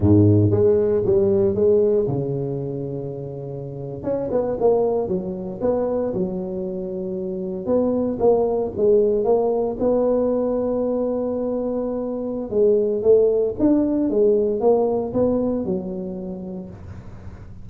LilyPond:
\new Staff \with { instrumentName = "tuba" } { \time 4/4 \tempo 4 = 115 gis,4 gis4 g4 gis4 | cis2.~ cis8. cis'16~ | cis'16 b8 ais4 fis4 b4 fis16~ | fis2~ fis8. b4 ais16~ |
ais8. gis4 ais4 b4~ b16~ | b1 | gis4 a4 d'4 gis4 | ais4 b4 fis2 | }